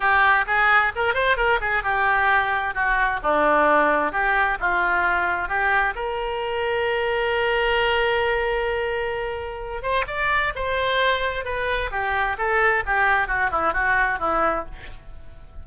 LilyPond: \new Staff \with { instrumentName = "oboe" } { \time 4/4 \tempo 4 = 131 g'4 gis'4 ais'8 c''8 ais'8 gis'8 | g'2 fis'4 d'4~ | d'4 g'4 f'2 | g'4 ais'2.~ |
ais'1~ | ais'4. c''8 d''4 c''4~ | c''4 b'4 g'4 a'4 | g'4 fis'8 e'8 fis'4 e'4 | }